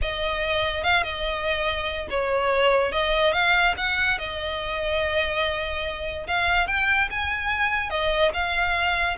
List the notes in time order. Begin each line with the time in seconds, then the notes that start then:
0.01 D#5
0.83 F5
1.03 D#5
2.10 C#5
2.92 D#5
3.32 F5
3.77 F#5
4.18 D#5
6.27 F5
6.67 G5
7.10 G#5
7.90 D#5
8.33 F5